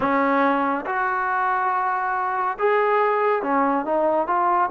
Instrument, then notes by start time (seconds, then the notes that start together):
trombone
0.00 C#4
0.86 F#4
2.58 G#4
3.42 C#4
3.85 D#4
4.27 F4